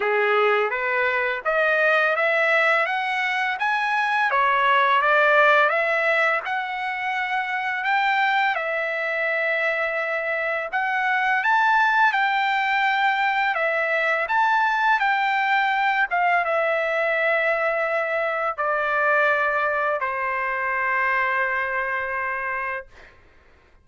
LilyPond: \new Staff \with { instrumentName = "trumpet" } { \time 4/4 \tempo 4 = 84 gis'4 b'4 dis''4 e''4 | fis''4 gis''4 cis''4 d''4 | e''4 fis''2 g''4 | e''2. fis''4 |
a''4 g''2 e''4 | a''4 g''4. f''8 e''4~ | e''2 d''2 | c''1 | }